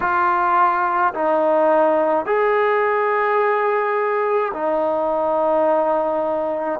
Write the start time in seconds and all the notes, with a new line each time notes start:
0.00 F4
1.13 D#4
2.25 G#4
4.53 D#4